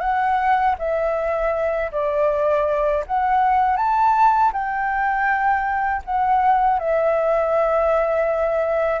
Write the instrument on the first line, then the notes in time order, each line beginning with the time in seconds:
flute
0.00 F#5
0.78 E5
1.91 D5
3.06 F#5
3.76 A5
4.52 G5
6.04 F#5
6.79 E5